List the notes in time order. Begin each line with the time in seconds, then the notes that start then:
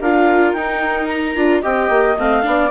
0.00 D4 F4 A#4 F5
0.52 D#4 G5
1.08 A#5
1.35 D4 F4
1.61 C4 G4 D#5 G5
1.89 A#3
2.17 A3 C4 F5
2.42 B3 D4 D5